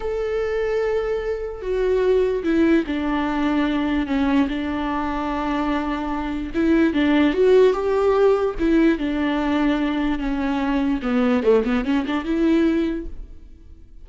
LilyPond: \new Staff \with { instrumentName = "viola" } { \time 4/4 \tempo 4 = 147 a'1 | fis'2 e'4 d'4~ | d'2 cis'4 d'4~ | d'1 |
e'4 d'4 fis'4 g'4~ | g'4 e'4 d'2~ | d'4 cis'2 b4 | a8 b8 cis'8 d'8 e'2 | }